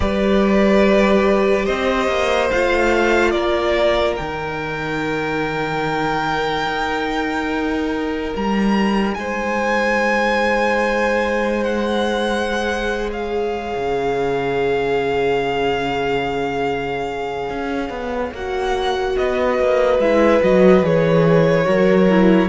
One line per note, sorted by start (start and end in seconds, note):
0.00 1.66 G3
0.00 2.50 G4
0.00 1.65 B4
0.00 1.65 D5
1.65 2.07 C4
1.65 3.32 C5
1.65 2.48 D#5
2.07 2.49 A#3
2.51 3.35 A3
2.51 4.17 F4
2.51 3.31 F5
3.31 4.18 A#3
3.31 9.15 A#4
3.31 4.14 D5
4.16 6.66 D#3
4.16 12.50 D#4
4.16 8.33 G5
6.66 8.33 D#4
8.35 9.16 G3
8.35 9.14 A#5
9.14 13.74 G#3
9.14 13.11 C5
9.14 11.63 G#5
11.63 13.09 F#5
12.51 18.35 G#4
13.11 19.15 C#5
13.11 18.33 F5
13.75 17.49 C#3
17.49 17.89 C#4
17.89 18.31 B3
18.31 19.15 A#3
18.31 20.01 F#4
18.31 19.17 F#5
19.17 19.58 B3
19.17 21.65 B4
19.17 20.00 D#5
19.58 19.98 A#3
19.98 20.40 G#3
19.98 20.42 E4
19.98 20.41 E5
20.42 20.82 F#3
20.42 20.82 F#4
20.42 20.84 D#5
20.82 21.65 E3
20.82 21.64 G#4
20.82 22.48 C#5
21.64 22.48 F#3
21.64 22.05 F#4
21.64 22.48 A#4
22.10 22.48 E4